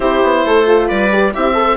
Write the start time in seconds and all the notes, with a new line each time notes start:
0.00 C4 E4 G4 C5
0.23 B3
0.45 A3 A4
0.66 F4
0.87 G3 B4 D5
1.11 G4
1.33 C4 E4 G4 E5
1.53 A4